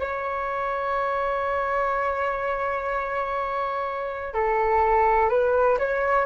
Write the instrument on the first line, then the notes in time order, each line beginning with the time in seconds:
flute
0.00 C#5
4.34 A4
5.30 B4
5.79 C#5